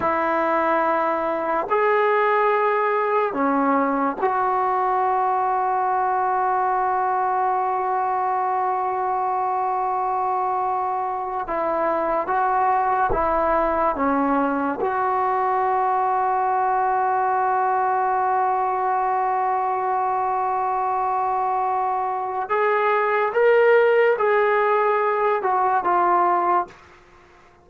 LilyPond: \new Staff \with { instrumentName = "trombone" } { \time 4/4 \tempo 4 = 72 e'2 gis'2 | cis'4 fis'2.~ | fis'1~ | fis'4.~ fis'16 e'4 fis'4 e'16~ |
e'8. cis'4 fis'2~ fis'16~ | fis'1~ | fis'2. gis'4 | ais'4 gis'4. fis'8 f'4 | }